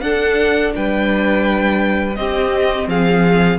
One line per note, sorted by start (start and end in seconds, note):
0.00 0.72 D4
0.00 2.16 D4
0.00 0.75 A4
0.00 0.71 F#5
0.75 2.17 G3
0.75 2.18 B4
0.75 2.15 G5
2.15 3.58 C4
2.15 2.87 C4
2.15 2.89 G4
2.15 2.87 D#5
2.87 3.58 F3
2.87 3.58 G#4
2.87 3.58 F5